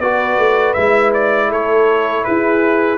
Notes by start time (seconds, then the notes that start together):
0.00 B3 F#4 B4 D5
0.38 A3
0.74 G#3 E4 E5
1.14 D5
1.49 A3 A4 C#5
2.24 E4 G#4 B4